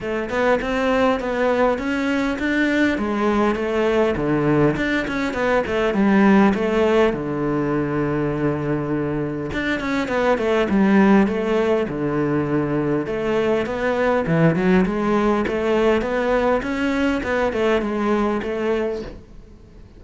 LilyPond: \new Staff \with { instrumentName = "cello" } { \time 4/4 \tempo 4 = 101 a8 b8 c'4 b4 cis'4 | d'4 gis4 a4 d4 | d'8 cis'8 b8 a8 g4 a4 | d1 |
d'8 cis'8 b8 a8 g4 a4 | d2 a4 b4 | e8 fis8 gis4 a4 b4 | cis'4 b8 a8 gis4 a4 | }